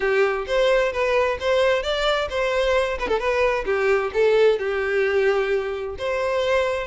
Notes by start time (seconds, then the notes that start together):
0.00 G4
0.47 C5
0.92 B4
1.40 C5
1.82 D5
2.29 C5
2.99 B4
3.07 A4
3.19 B4
3.65 G4
4.13 A4
4.58 G4
5.98 C5